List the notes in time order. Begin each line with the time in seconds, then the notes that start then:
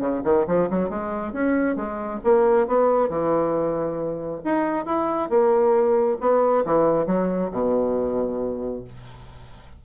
0.00 C#3
0.24 D#3
0.47 F3
0.70 F#3
0.90 G#3
1.33 C#4
1.76 G#3
2.24 A#3
2.67 B3
3.09 E3
4.44 D#4
4.86 E4
5.29 A#3
6.21 B3
6.65 E3
7.06 F#3
7.52 B2